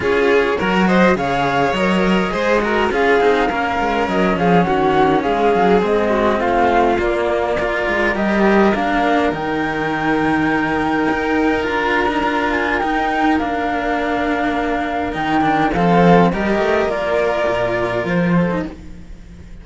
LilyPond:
<<
  \new Staff \with { instrumentName = "flute" } { \time 4/4 \tempo 4 = 103 cis''4. dis''8 f''4 dis''4~ | dis''4 f''2 dis''8 f''8 | fis''4 f''4 dis''4 f''4 | d''2 dis''4 f''4 |
g''1 | ais''4. gis''8 g''4 f''4~ | f''2 g''4 f''4 | dis''4 d''2 c''4 | }
  \new Staff \with { instrumentName = "violin" } { \time 4/4 gis'4 ais'8 c''8 cis''2 | c''8 ais'8 gis'4 ais'4. gis'8 | fis'4 gis'4. fis'8 f'4~ | f'4 ais'2.~ |
ais'1~ | ais'1~ | ais'2. a'4 | ais'2.~ ais'8 a'8 | }
  \new Staff \with { instrumentName = "cello" } { \time 4/4 f'4 fis'4 gis'4 ais'4 | gis'8 fis'8 f'8 dis'8 cis'2~ | cis'2 c'2 | ais4 f'4 g'4 d'4 |
dis'1 | f'8. dis'16 f'4 dis'4 d'4~ | d'2 dis'8 d'8 c'4 | g'4 f'2~ f'8. dis'16 | }
  \new Staff \with { instrumentName = "cello" } { \time 4/4 cis'4 fis4 cis4 fis4 | gis4 cis'8 c'8 ais8 gis8 fis8 f8 | dis4 gis8 fis8 gis4 a4 | ais4. gis8 g4 ais4 |
dis2. dis'4 | d'2 dis'4 ais4~ | ais2 dis4 f4 | g8 a8 ais4 ais,4 f4 | }
>>